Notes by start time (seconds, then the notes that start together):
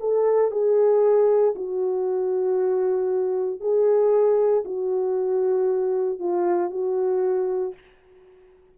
0.00 A4
0.51 G#4
1.55 F#4
3.60 G#4
4.65 F#4
6.19 F4
6.70 F#4